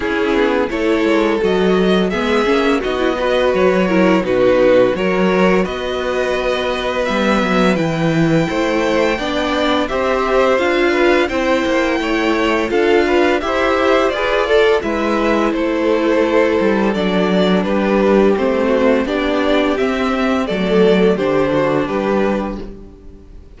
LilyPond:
<<
  \new Staff \with { instrumentName = "violin" } { \time 4/4 \tempo 4 = 85 gis'4 cis''4 dis''4 e''4 | dis''4 cis''4 b'4 cis''4 | dis''2 e''4 g''4~ | g''2 e''4 f''4 |
g''2 f''4 e''4 | d''4 e''4 c''2 | d''4 b'4 c''4 d''4 | e''4 d''4 c''4 b'4 | }
  \new Staff \with { instrumentName = "violin" } { \time 4/4 e'4 a'2 gis'4 | fis'8 b'4 ais'8 fis'4 ais'4 | b'1 | c''4 d''4 c''4. b'8 |
c''4 cis''4 a'8 b'8 c''4 | b'8 a'8 b'4 a'2~ | a'4 g'4. fis'8 g'4~ | g'4 a'4 g'8 fis'8 g'4 | }
  \new Staff \with { instrumentName = "viola" } { \time 4/4 cis'4 e'4 fis'4 b8 cis'8 | dis'16 e'16 fis'4 e'8 dis'4 fis'4~ | fis'2 b4 e'4~ | e'4 d'4 g'4 f'4 |
e'2 f'4 g'4 | gis'8 a'8 e'2. | d'2 c'4 d'4 | c'4 a4 d'2 | }
  \new Staff \with { instrumentName = "cello" } { \time 4/4 cis'8 b8 a8 gis8 fis4 gis8 ais8 | b4 fis4 b,4 fis4 | b2 g8 fis8 e4 | a4 b4 c'4 d'4 |
c'8 ais8 a4 d'4 e'4 | f'4 gis4 a4. g8 | fis4 g4 a4 b4 | c'4 fis4 d4 g4 | }
>>